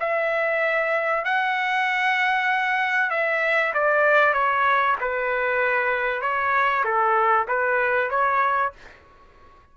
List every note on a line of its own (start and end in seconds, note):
0.00 1.25 E5
1.25 3.11 F#5
3.11 3.73 E5
3.74 4.34 D5
4.34 4.96 C#5
5.01 6.22 B4
6.22 6.84 C#5
6.85 7.47 A4
7.48 8.11 B4
8.11 8.73 C#5